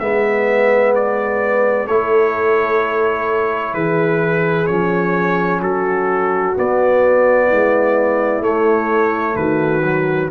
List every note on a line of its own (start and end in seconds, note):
0.00 1.88 G#3
0.00 1.88 B3
0.00 1.87 B4
0.00 0.94 E5
0.96 1.88 D5
1.87 3.74 A3
1.87 4.68 E4
1.87 3.74 A4
1.87 3.74 C#5
3.74 4.68 E3
3.74 5.61 G#4
3.74 4.67 B4
4.67 5.62 F3
4.67 6.55 C#4
4.67 5.60 C#5
5.61 6.55 F#3
5.61 7.47 F#4
5.61 6.57 A4
6.55 8.42 B3
6.55 7.52 B3
6.55 8.43 D5
7.47 8.41 G#3
7.47 9.34 E4
8.41 9.34 A3
8.41 9.83 A3
8.41 9.36 C#5
9.36 10.30 D#3
9.36 10.32 F#4
9.36 10.30 B4
9.84 10.31 F#3